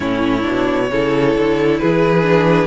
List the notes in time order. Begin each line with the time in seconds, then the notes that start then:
0.00 A2 C#4 E4 C#5
0.41 B2 D4
0.90 C#3 E4 A4
1.35 D3
1.78 E3 G#4 B4
2.22 D4